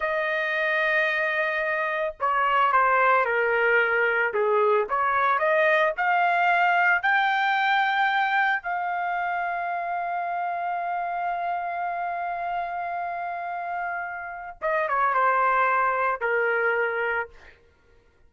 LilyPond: \new Staff \with { instrumentName = "trumpet" } { \time 4/4 \tempo 4 = 111 dis''1 | cis''4 c''4 ais'2 | gis'4 cis''4 dis''4 f''4~ | f''4 g''2. |
f''1~ | f''1~ | f''2. dis''8 cis''8 | c''2 ais'2 | }